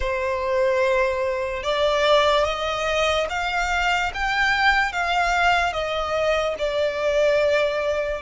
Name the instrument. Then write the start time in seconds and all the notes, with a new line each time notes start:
violin
0.00 C5
1.63 D5
2.44 D#5
3.29 F5
4.14 G5
4.92 F5
5.72 D#5
6.58 D5